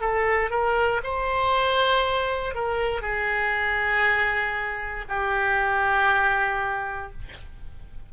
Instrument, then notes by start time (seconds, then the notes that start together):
oboe
0.00 A4
0.50 A#4
1.04 C5
2.54 A#4
3.01 G#4
5.08 G4